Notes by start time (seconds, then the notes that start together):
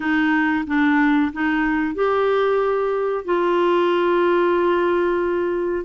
0.00 D#4
0.67 D4
1.32 D#4
1.94 G4
3.24 F4